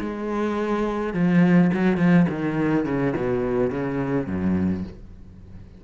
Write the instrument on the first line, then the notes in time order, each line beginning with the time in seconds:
cello
0.00 G#3
1.14 F3
1.74 F#3
1.98 F3
2.30 D#3
2.85 C#3
3.16 B2
3.71 C#3
4.27 F#2